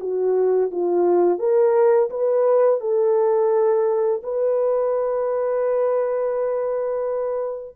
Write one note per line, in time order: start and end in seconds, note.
0.00 0.71 F#4
0.71 1.39 F4
1.39 2.09 A#4
2.10 2.80 B4
2.80 4.21 A4
4.23 7.76 B4